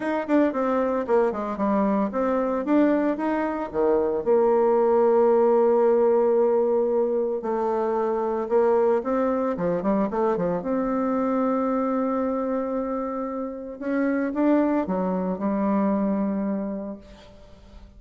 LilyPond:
\new Staff \with { instrumentName = "bassoon" } { \time 4/4 \tempo 4 = 113 dis'8 d'8 c'4 ais8 gis8 g4 | c'4 d'4 dis'4 dis4 | ais1~ | ais2 a2 |
ais4 c'4 f8 g8 a8 f8 | c'1~ | c'2 cis'4 d'4 | fis4 g2. | }